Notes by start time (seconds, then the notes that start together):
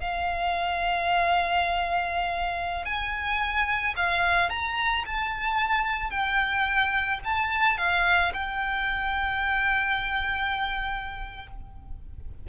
0.00 F5
2.85 G#5
3.96 F5
4.50 A#5
5.06 A5
6.10 G5
7.25 A5
7.78 F5
8.34 G5